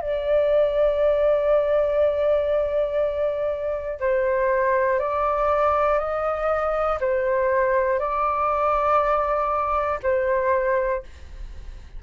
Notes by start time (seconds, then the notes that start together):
0.00 D5
4.00 C5
4.99 D5
5.99 D#5
7.00 C5
7.99 D5
10.02 C5